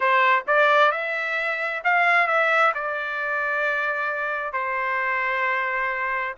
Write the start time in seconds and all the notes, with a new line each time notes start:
0.00 C5
0.47 D5
0.91 E5
1.83 F5
2.27 E5
2.74 D5
4.52 C5